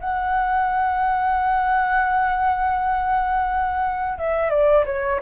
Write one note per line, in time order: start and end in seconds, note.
0.00 4.18 F#5
4.18 4.50 E5
4.50 4.85 D5
4.85 5.20 C#5